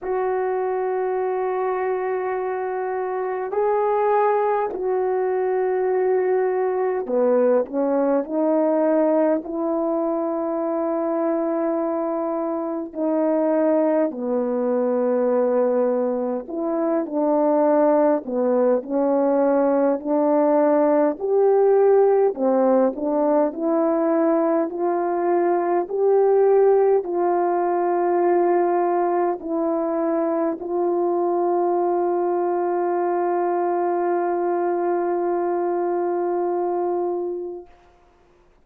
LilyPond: \new Staff \with { instrumentName = "horn" } { \time 4/4 \tempo 4 = 51 fis'2. gis'4 | fis'2 b8 cis'8 dis'4 | e'2. dis'4 | b2 e'8 d'4 b8 |
cis'4 d'4 g'4 c'8 d'8 | e'4 f'4 g'4 f'4~ | f'4 e'4 f'2~ | f'1 | }